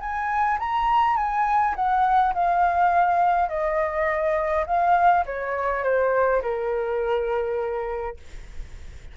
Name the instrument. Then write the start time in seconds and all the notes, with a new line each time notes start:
flute
0.00 G#5
0.59 A#5
1.17 G#5
1.76 F#5
2.34 F5
3.49 D#5
4.67 F5
5.26 C#5
5.84 C5
6.42 A#4